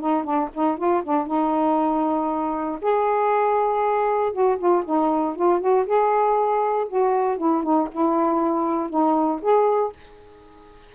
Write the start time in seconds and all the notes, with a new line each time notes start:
0.00 D#4
0.24 D4
0.54 D#4
0.77 F4
1.04 D4
1.27 D#4
2.82 G#4
4.33 F#4
4.58 F4
4.85 D#4
5.36 F4
5.60 F#4
5.86 G#4
6.89 F#4
7.38 E4
7.63 D#4
7.92 E4
8.90 D#4
9.42 G#4